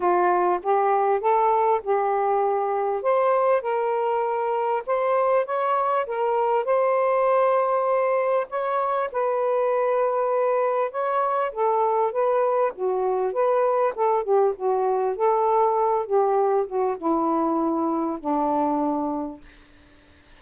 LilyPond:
\new Staff \with { instrumentName = "saxophone" } { \time 4/4 \tempo 4 = 99 f'4 g'4 a'4 g'4~ | g'4 c''4 ais'2 | c''4 cis''4 ais'4 c''4~ | c''2 cis''4 b'4~ |
b'2 cis''4 a'4 | b'4 fis'4 b'4 a'8 g'8 | fis'4 a'4. g'4 fis'8 | e'2 d'2 | }